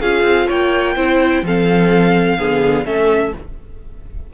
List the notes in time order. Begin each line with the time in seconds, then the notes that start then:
0.00 C#4 F4 G#4 F5
0.23 C4
0.47 A#3 C#5 G5
0.96 C4 E4 C5
1.42 F3 C4 A4 F5
2.38 D3 B3 G#4
2.85 A3 C#4 A4 E5